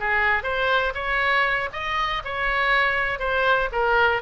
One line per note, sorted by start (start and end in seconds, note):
0.00 0.44 G#4
0.44 0.94 C5
0.95 1.70 C#5
1.73 2.23 D#5
2.25 3.20 C#5
3.20 3.70 C5
3.72 4.22 A#4